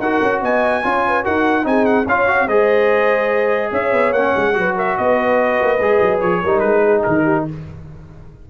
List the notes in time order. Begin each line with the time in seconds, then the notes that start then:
0.00 D#4 F#4 A#4 F#5
0.23 C#4
0.42 B3 D#5 G#5
0.84 C#4 F4 C#5
1.08 B4
1.24 D#4 F#4 A#4 F#5
1.63 C4 D#4 G#4 G#5
1.86 F#5
2.07 C#4 F4 C#5 F5
2.28 F#4
2.47 G#3 G#4 C5 D#5
3.71 C#4 C#5 E5
3.93 B3
4.13 A#3 C#4 F#5
4.37 G#3
4.54 F#3 F#4 B4
4.76 A#4 E5
4.97 B3 B4 D#5
5.62 A#3
5.80 G#3 G#4
6.02 F#3
6.21 F3 C#5
6.42 G3 D#4 A#4
6.60 G#3 B4
6.84 G#4
7.04 D#3 A#4
7.24 G4